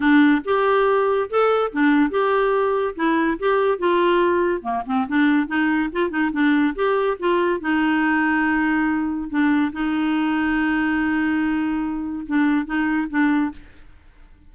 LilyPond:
\new Staff \with { instrumentName = "clarinet" } { \time 4/4 \tempo 4 = 142 d'4 g'2 a'4 | d'4 g'2 e'4 | g'4 f'2 ais8 c'8 | d'4 dis'4 f'8 dis'8 d'4 |
g'4 f'4 dis'2~ | dis'2 d'4 dis'4~ | dis'1~ | dis'4 d'4 dis'4 d'4 | }